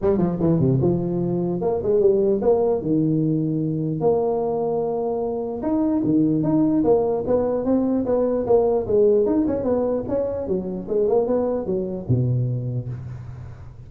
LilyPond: \new Staff \with { instrumentName = "tuba" } { \time 4/4 \tempo 4 = 149 g8 f8 e8 c8 f2 | ais8 gis8 g4 ais4 dis4~ | dis2 ais2~ | ais2 dis'4 dis4 |
dis'4 ais4 b4 c'4 | b4 ais4 gis4 dis'8 cis'8 | b4 cis'4 fis4 gis8 ais8 | b4 fis4 b,2 | }